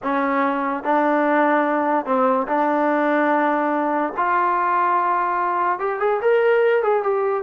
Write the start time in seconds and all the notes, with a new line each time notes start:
0.02 C#4
0.83 D4
2.05 C4
2.47 D4
4.16 F4
5.79 G4
5.99 G#4
6.21 A#4
6.83 G#4
7.03 G4